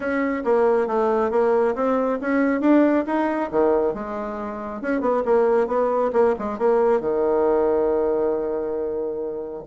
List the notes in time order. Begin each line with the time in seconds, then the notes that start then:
0.00 C#4
0.44 A#3
0.87 A3
1.31 A#3
1.75 C4
2.21 C#4
2.61 D4
3.06 D#4
3.51 D#3
3.94 G#3
4.81 C#4
5.00 B3
5.25 A#3
5.67 B3
6.12 A#3
6.38 G#3
6.58 A#3
7.00 D#3